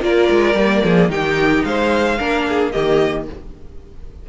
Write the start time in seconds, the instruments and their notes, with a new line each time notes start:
0.00 cello A#3, viola F4, violin A#4 D5
0.30 cello G#3
0.55 cello G3, viola A#3
0.84 cello F3, violin G#4
1.09 cello D#3, viola D#4, violin G4 G5
1.64 cello G#3, violin C5 F5
2.18 cello A#3, viola D4, violin A#4
2.48 violin G#4
2.71 cello D#3, viola A#3, violin G4 D#5